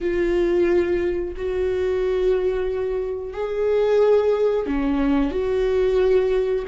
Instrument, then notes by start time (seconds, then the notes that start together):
viola
0.01 F4
1.36 F#4
3.33 G#4
4.66 C#4
5.31 F#4